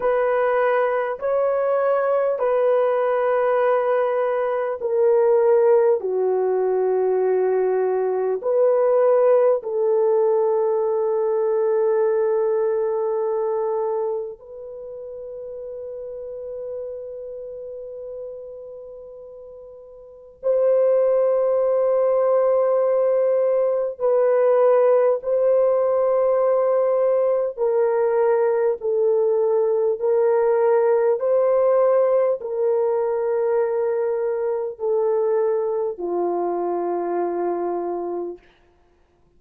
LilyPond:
\new Staff \with { instrumentName = "horn" } { \time 4/4 \tempo 4 = 50 b'4 cis''4 b'2 | ais'4 fis'2 b'4 | a'1 | b'1~ |
b'4 c''2. | b'4 c''2 ais'4 | a'4 ais'4 c''4 ais'4~ | ais'4 a'4 f'2 | }